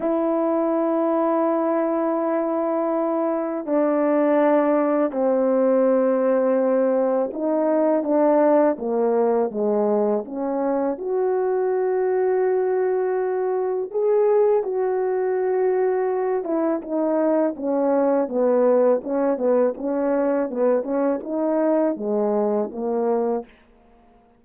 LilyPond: \new Staff \with { instrumentName = "horn" } { \time 4/4 \tempo 4 = 82 e'1~ | e'4 d'2 c'4~ | c'2 dis'4 d'4 | ais4 gis4 cis'4 fis'4~ |
fis'2. gis'4 | fis'2~ fis'8 e'8 dis'4 | cis'4 b4 cis'8 b8 cis'4 | b8 cis'8 dis'4 gis4 ais4 | }